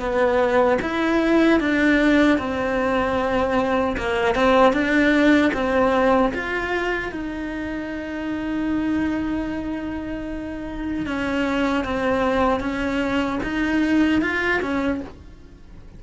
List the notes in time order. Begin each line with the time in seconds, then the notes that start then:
0.00 B3
0.82 E4
1.60 D4
2.39 C4
3.98 A#3
4.35 C4
4.73 D4
5.54 C4
6.34 F4
7.12 D#4
11.06 C#4
11.85 C4
12.60 C#4
13.44 D#4
14.22 F4
14.62 C#4